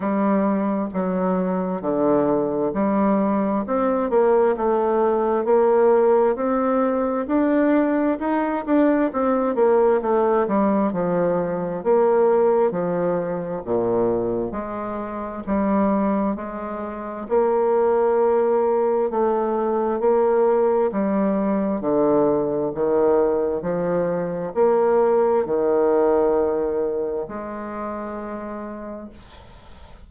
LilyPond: \new Staff \with { instrumentName = "bassoon" } { \time 4/4 \tempo 4 = 66 g4 fis4 d4 g4 | c'8 ais8 a4 ais4 c'4 | d'4 dis'8 d'8 c'8 ais8 a8 g8 | f4 ais4 f4 ais,4 |
gis4 g4 gis4 ais4~ | ais4 a4 ais4 g4 | d4 dis4 f4 ais4 | dis2 gis2 | }